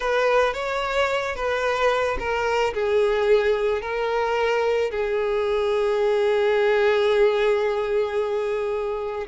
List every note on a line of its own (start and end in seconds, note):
0.00 0.53 B4
0.53 1.35 C#5
1.35 2.17 B4
2.19 2.73 A#4
2.73 3.81 G#4
3.81 4.90 A#4
4.90 9.27 G#4